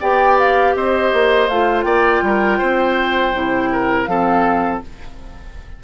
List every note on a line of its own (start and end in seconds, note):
0.00 0.75 B3
0.00 1.49 G4
0.00 0.74 D5
0.00 0.38 G5
0.39 0.76 F5
0.75 1.12 C4
0.75 1.85 C5
0.75 1.49 D#5
1.13 1.49 A#3
1.49 1.84 A3
1.49 3.34 F4
1.49 1.83 F5
1.83 2.21 A#3
1.83 2.23 D5
1.83 4.04 G5
2.22 2.59 G3
2.22 2.58 A#4
2.58 3.34 C4
2.58 3.69 C5
3.34 4.07 C3
3.34 4.08 E4
3.72 4.09 A#4
4.04 4.81 F3
4.04 4.82 C4
4.04 4.83 A4
4.04 4.78 F5